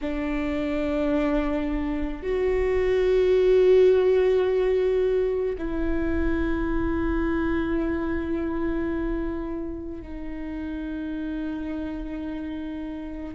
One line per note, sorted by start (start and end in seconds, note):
0.01 2.22 D4
2.22 5.56 F#4
5.58 10.02 E4
10.02 13.34 D#4